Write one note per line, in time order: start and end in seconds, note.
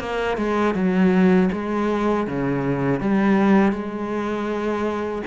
0.00 0.37 A#3
0.37 0.74 G#3
0.74 1.49 F#3
1.52 2.27 G#3
2.27 3.00 C#3
3.00 3.72 G3
3.72 5.22 G#3